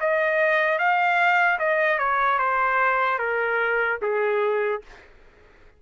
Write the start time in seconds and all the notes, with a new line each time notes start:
0.00 D#5
0.79 F5
1.59 D#5
1.98 C#5
2.38 C5
3.19 A#4
4.01 G#4